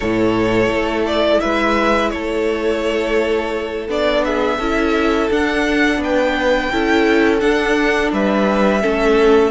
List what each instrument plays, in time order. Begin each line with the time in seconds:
0.00 cello A2, viola E4, violin A4 C#5
0.68 cello A3
1.06 violin D5
1.40 cello G#3, violin B4 E5
2.10 cello A3, violin A4 C#5
3.88 cello B3, viola D4, violin D5
4.24 violin G#4 E5
4.58 cello C#4, viola E4, violin A4
5.30 cello D4, viola D4, violin F#5
5.97 cello B3, violin B4 G5
6.72 cello C#4, viola E4, violin A4
7.39 viola D4, cello D4, violin F#5
8.12 cello G3, violin B4 E5
8.81 cello A3, viola C#4, violin A4